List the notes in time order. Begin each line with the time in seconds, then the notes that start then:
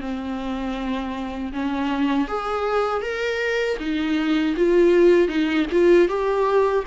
0.00 C4
1.52 C#4
2.28 G#4
3.01 A#4
3.79 D#4
4.56 F4
5.28 D#4
5.71 F4
6.08 G4